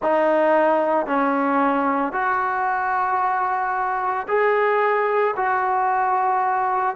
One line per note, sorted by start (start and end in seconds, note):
0.02 1.06 D#4
1.06 2.12 C#4
2.12 4.26 F#4
4.28 5.35 G#4
5.36 6.96 F#4